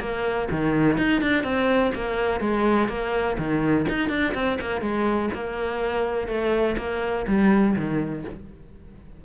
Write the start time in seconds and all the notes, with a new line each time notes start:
0.00 A#3
0.50 D#3
0.97 D#4
1.21 D4
1.43 C4
1.95 A#3
2.40 G#3
2.88 A#3
3.38 D#3
3.89 D#4
4.09 D4
4.34 C4
4.61 A#3
4.81 G#3
5.34 A#3
6.27 A3
6.77 A#3
7.27 G3
7.76 D#3